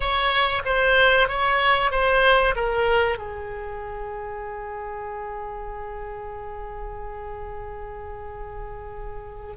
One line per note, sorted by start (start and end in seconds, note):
0.00 0.62 C#5
0.65 1.28 C5
1.28 1.91 C#5
1.91 2.54 C5
2.55 3.17 A#4
3.17 9.56 G#4